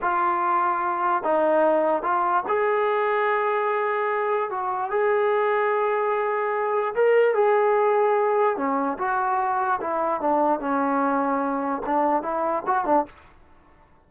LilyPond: \new Staff \with { instrumentName = "trombone" } { \time 4/4 \tempo 4 = 147 f'2. dis'4~ | dis'4 f'4 gis'2~ | gis'2. fis'4 | gis'1~ |
gis'4 ais'4 gis'2~ | gis'4 cis'4 fis'2 | e'4 d'4 cis'2~ | cis'4 d'4 e'4 fis'8 d'8 | }